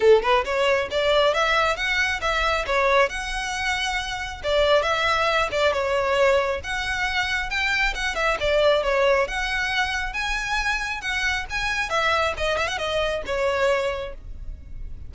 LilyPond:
\new Staff \with { instrumentName = "violin" } { \time 4/4 \tempo 4 = 136 a'8 b'8 cis''4 d''4 e''4 | fis''4 e''4 cis''4 fis''4~ | fis''2 d''4 e''4~ | e''8 d''8 cis''2 fis''4~ |
fis''4 g''4 fis''8 e''8 d''4 | cis''4 fis''2 gis''4~ | gis''4 fis''4 gis''4 e''4 | dis''8 e''16 fis''16 dis''4 cis''2 | }